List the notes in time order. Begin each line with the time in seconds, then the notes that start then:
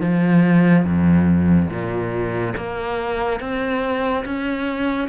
0.00 F3
0.84 F2
1.69 A#2
2.56 A#3
3.40 C4
4.25 C#4